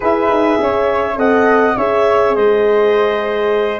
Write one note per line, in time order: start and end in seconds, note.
0.00 0.29 E4
0.00 1.15 G#4
0.00 0.59 B4
0.00 1.18 E5
0.29 0.58 D#4
0.59 1.17 C#4
0.59 1.18 C#5
1.16 1.76 C4
1.16 1.75 A4
1.16 1.77 D#5
1.16 1.77 F#5
1.77 2.36 C#4
1.77 3.80 G#4
1.77 2.35 C#5
1.77 2.35 E5
2.35 3.80 G#3
2.35 3.80 C5
2.35 3.80 D#5